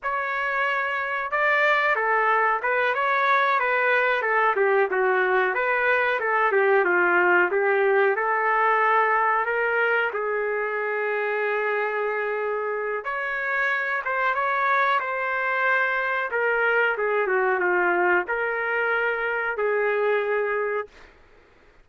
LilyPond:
\new Staff \with { instrumentName = "trumpet" } { \time 4/4 \tempo 4 = 92 cis''2 d''4 a'4 | b'8 cis''4 b'4 a'8 g'8 fis'8~ | fis'8 b'4 a'8 g'8 f'4 g'8~ | g'8 a'2 ais'4 gis'8~ |
gis'1 | cis''4. c''8 cis''4 c''4~ | c''4 ais'4 gis'8 fis'8 f'4 | ais'2 gis'2 | }